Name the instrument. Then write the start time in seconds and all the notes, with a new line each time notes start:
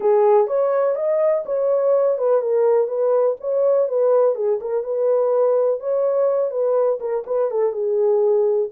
horn
0.00 G#4
0.47 C#5
0.95 D#5
1.45 C#5
2.18 B4
2.41 A#4
2.87 B4
3.40 C#5
3.88 B4
4.35 G#4
4.60 A#4
4.83 B4
5.80 C#5
6.51 B4
7.00 A#4
7.26 B4
7.50 A4
7.72 G#4